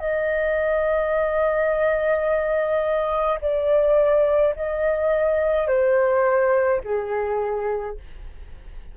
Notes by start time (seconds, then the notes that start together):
0.00 D#5
3.42 D5
4.56 D#5
5.68 C5
6.85 G#4